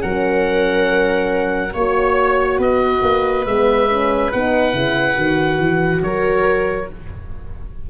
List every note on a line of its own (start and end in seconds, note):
0.00 1.74 F#3
0.00 1.71 C#4
0.00 1.74 A#4
0.00 1.74 F#5
1.74 2.59 A#3
1.74 3.48 F#4
1.74 2.58 C#5
1.74 2.61 C#5
2.58 3.02 B3
2.58 6.01 B4
2.58 3.46 D#5
3.03 3.46 A#3
3.46 4.31 G#3
3.46 3.90 B3
3.46 4.32 E5
3.90 4.33 C#4
4.32 4.74 B3
4.32 4.73 D#4
4.32 6.03 F#5
4.73 5.17 C#3
4.73 5.15 E4
5.15 5.59 D#3
5.15 6.86 F#4
5.59 6.01 E3
6.03 6.89 F#3
6.03 6.90 A#4
6.03 6.89 C#5